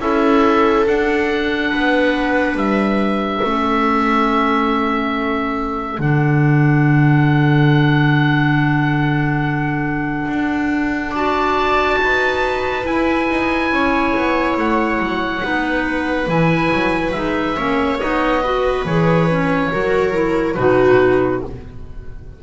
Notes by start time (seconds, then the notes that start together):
0.00 C#4 E4 A4 E5
0.87 D4 F#5
1.71 B3 B4
2.56 G3 E5
3.42 A3 C#4 A4
5.99 D3 D4 F#5
10.28 D4
11.11 F#4 D5 A5
12.00 D#4 B4
12.84 E4 G#5
13.30 D#4
13.72 C#4 C#5
14.16 B3
14.57 A3 F#5
14.99 F#3
15.42 B3 D#4 B4
16.27 E3 E4 G#5
16.73 F#3
17.12 G#3 D#4 E5
17.56 A#3 C#4 C#5
18.00 B3 D#4 D#5
18.43 F#4 B4
18.86 E3 G#4 C#5
19.30 C#4
19.71 F#3 F#4 A#4
20.13 E4
20.55 B2 D#4 F#4 B4